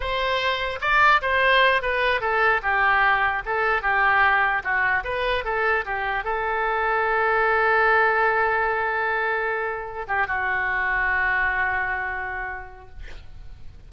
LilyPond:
\new Staff \with { instrumentName = "oboe" } { \time 4/4 \tempo 4 = 149 c''2 d''4 c''4~ | c''8 b'4 a'4 g'4.~ | g'8 a'4 g'2 fis'8~ | fis'8 b'4 a'4 g'4 a'8~ |
a'1~ | a'1~ | a'4 g'8 fis'2~ fis'8~ | fis'1 | }